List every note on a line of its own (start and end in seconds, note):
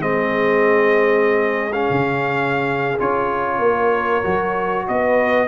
0.00 1.88 G#3
0.00 1.72 C4
0.00 3.61 G#4
0.00 1.73 D#5
1.73 2.98 C#4
1.73 2.98 F5
1.90 3.00 C#3
2.99 3.59 C#4
2.99 4.24 F4
2.99 4.88 C#5
3.59 4.22 A#3
3.59 4.87 A#4
4.24 4.88 F#3
4.24 5.48 F#4
4.88 5.48 B3
4.88 5.48 B4
4.88 5.48 D#5